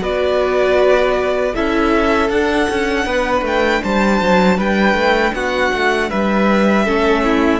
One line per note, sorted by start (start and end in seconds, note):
0.00 1.53 B3
0.00 1.52 F#4
0.00 1.54 B4
0.00 1.55 D5
1.55 2.29 C#4
1.55 2.30 E4
1.55 3.06 A4
1.55 2.30 E5
2.29 2.67 D4
2.29 6.86 D4
2.29 3.44 F#5
2.69 3.05 C#4
3.05 3.42 B3
3.05 3.81 B4
3.42 3.80 A3
3.42 3.83 G5
3.83 4.21 G3
3.83 4.57 C5
3.83 4.59 A5
4.21 4.58 F#3
4.57 4.94 G3
4.57 5.33 B4
4.57 5.34 G5
4.94 5.31 A3
5.33 5.71 B3
5.33 6.09 F#4
5.33 6.10 F#5
5.73 6.11 A3
6.09 6.87 G3
6.09 6.84 B4
6.09 7.60 E5
6.84 7.60 A3
6.84 7.60 C#4
6.84 7.22 A4
7.24 7.60 E4